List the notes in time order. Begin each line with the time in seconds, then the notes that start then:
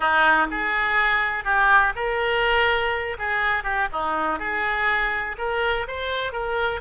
0.00 D#4
0.50 G#4
1.44 G4
1.95 A#4
3.18 G#4
3.63 G4
3.92 D#4
4.39 G#4
5.38 A#4
5.87 C5
6.32 A#4